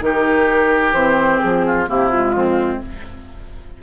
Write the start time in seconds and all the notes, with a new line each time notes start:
0.00 D#3 D#4 G4 A#4
0.93 E3 C4 C5
1.39 F3 G#4
1.66 F4
1.87 C3 A#3 E4 G4
2.09 G#3 F4
2.34 F2 C4